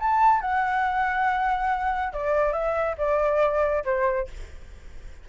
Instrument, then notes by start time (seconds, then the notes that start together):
flute
0.00 A5
0.41 F#5
2.13 D5
2.53 E5
2.98 D5
3.85 C5